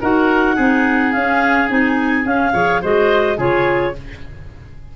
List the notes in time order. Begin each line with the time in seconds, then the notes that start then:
0.00 D#4 F#4 A#4 F#5
0.55 C4 D#4 G#4
1.12 C#4 F5
1.68 C4 D#4 G#5
2.23 C#4 F5
2.53 F3 G#4 C#5
2.81 G#3 F#4 C5 D#5
3.36 C#3 F4 G#4 C#5